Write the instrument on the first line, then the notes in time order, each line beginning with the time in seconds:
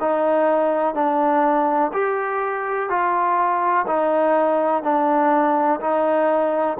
trombone
0.00 D#4
0.94 D4
1.93 G4
2.89 F4
3.87 D#4
4.83 D4
5.81 D#4